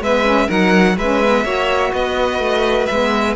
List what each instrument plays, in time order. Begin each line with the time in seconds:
0.00 cello G#3, saxophone B3, violin B4 E5
0.24 saxophone C#4
0.46 cello F#3, saxophone D#4, violin A#4 F#5
0.97 cello G#3, saxophone C#4, violin B4 E5
1.24 saxophone B3
1.44 cello A#3, saxophone F#4, violin C#5
1.93 cello B3, violin B4 D#5
2.38 cello A3
2.86 cello G#3, saxophone B3, violin E5